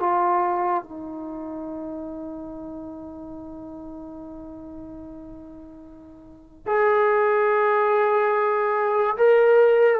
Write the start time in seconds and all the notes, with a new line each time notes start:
0.00 F4
0.83 D#4
6.66 G#4
9.17 A#4